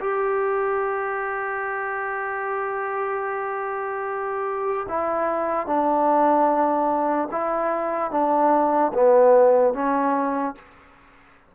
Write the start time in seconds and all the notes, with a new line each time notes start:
0.00 G4
4.88 E4
5.66 D4
7.31 E4
8.11 D4
8.93 B3
9.74 C#4